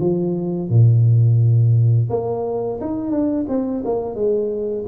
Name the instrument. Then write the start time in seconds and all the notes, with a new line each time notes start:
tuba
0.00 F3
0.70 A#2
2.10 A#3
2.81 D#4
3.11 D4
3.49 C4
3.86 A#3
4.15 G#3